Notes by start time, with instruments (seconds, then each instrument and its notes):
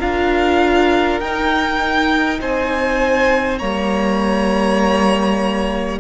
0.00 cello D4, viola F4, violin A#4 F5
1.21 cello D#4, viola D#4, violin G5
2.40 cello C4, violin C5 G#5
3.59 cello G3, viola A#3, violin C#5 A#5